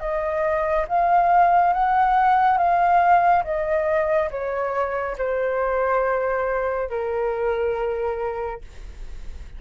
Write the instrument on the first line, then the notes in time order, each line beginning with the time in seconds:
flute
0.00 D#5
0.88 F5
1.73 F#5
2.57 F5
3.44 D#5
4.31 C#5
5.18 C5
6.90 A#4